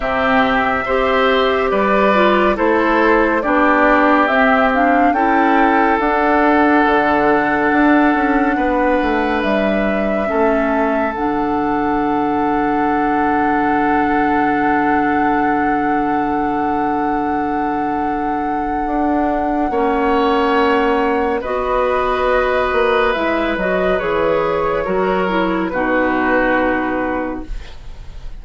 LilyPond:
<<
  \new Staff \with { instrumentName = "flute" } { \time 4/4 \tempo 4 = 70 e''2 d''4 c''4 | d''4 e''8 f''8 g''4 fis''4~ | fis''2. e''4~ | e''4 fis''2.~ |
fis''1~ | fis''1~ | fis''4 dis''2 e''8 dis''8 | cis''2 b'2 | }
  \new Staff \with { instrumentName = "oboe" } { \time 4/4 g'4 c''4 b'4 a'4 | g'2 a'2~ | a'2 b'2 | a'1~ |
a'1~ | a'2. cis''4~ | cis''4 b'2.~ | b'4 ais'4 fis'2 | }
  \new Staff \with { instrumentName = "clarinet" } { \time 4/4 c'4 g'4. f'8 e'4 | d'4 c'8 d'8 e'4 d'4~ | d'1 | cis'4 d'2.~ |
d'1~ | d'2. cis'4~ | cis'4 fis'2 e'8 fis'8 | gis'4 fis'8 e'8 dis'2 | }
  \new Staff \with { instrumentName = "bassoon" } { \time 4/4 c4 c'4 g4 a4 | b4 c'4 cis'4 d'4 | d4 d'8 cis'8 b8 a8 g4 | a4 d2.~ |
d1~ | d2 d'4 ais4~ | ais4 b4. ais8 gis8 fis8 | e4 fis4 b,2 | }
>>